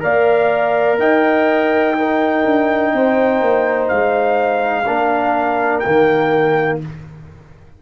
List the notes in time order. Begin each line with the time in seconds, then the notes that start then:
0.00 A#3 A#4 D5 F5
0.98 D#4 D#5 G5
1.94 D#4 A#4
2.44 D4
2.93 C4 C5
3.41 A#3
3.88 G#3 F5
4.85 A#3 D4 A#4
5.79 A#3 G5
5.85 D#3